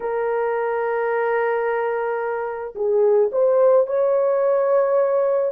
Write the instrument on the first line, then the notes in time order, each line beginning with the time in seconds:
horn
0.00 A#4
2.75 G#4
3.32 C5
3.87 C#5